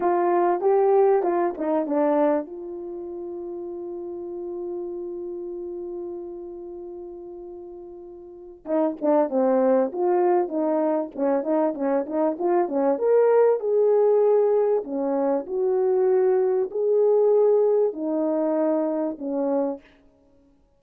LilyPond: \new Staff \with { instrumentName = "horn" } { \time 4/4 \tempo 4 = 97 f'4 g'4 f'8 dis'8 d'4 | f'1~ | f'1~ | f'2 dis'8 d'8 c'4 |
f'4 dis'4 cis'8 dis'8 cis'8 dis'8 | f'8 cis'8 ais'4 gis'2 | cis'4 fis'2 gis'4~ | gis'4 dis'2 cis'4 | }